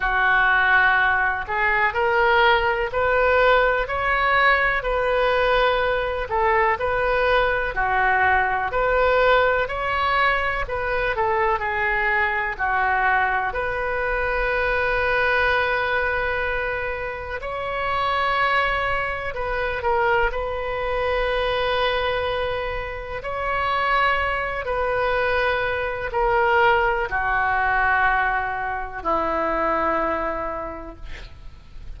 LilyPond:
\new Staff \with { instrumentName = "oboe" } { \time 4/4 \tempo 4 = 62 fis'4. gis'8 ais'4 b'4 | cis''4 b'4. a'8 b'4 | fis'4 b'4 cis''4 b'8 a'8 | gis'4 fis'4 b'2~ |
b'2 cis''2 | b'8 ais'8 b'2. | cis''4. b'4. ais'4 | fis'2 e'2 | }